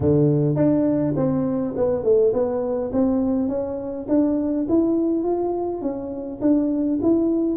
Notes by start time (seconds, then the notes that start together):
0.00 D3
0.55 D4
1.16 C4
1.76 B3
2.03 A3
2.33 B3
2.92 C4
3.48 C#4
4.08 D4
4.68 E4
5.23 F4
5.81 C#4
6.41 D4
7.01 E4